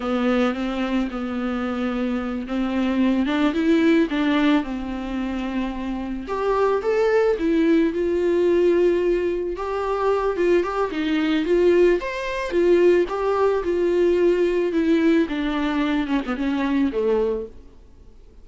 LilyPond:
\new Staff \with { instrumentName = "viola" } { \time 4/4 \tempo 4 = 110 b4 c'4 b2~ | b8 c'4. d'8 e'4 d'8~ | d'8 c'2. g'8~ | g'8 a'4 e'4 f'4.~ |
f'4. g'4. f'8 g'8 | dis'4 f'4 c''4 f'4 | g'4 f'2 e'4 | d'4. cis'16 b16 cis'4 a4 | }